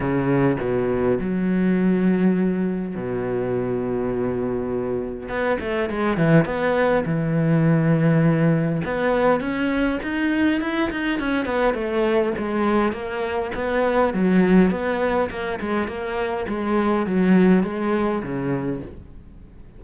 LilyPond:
\new Staff \with { instrumentName = "cello" } { \time 4/4 \tempo 4 = 102 cis4 b,4 fis2~ | fis4 b,2.~ | b,4 b8 a8 gis8 e8 b4 | e2. b4 |
cis'4 dis'4 e'8 dis'8 cis'8 b8 | a4 gis4 ais4 b4 | fis4 b4 ais8 gis8 ais4 | gis4 fis4 gis4 cis4 | }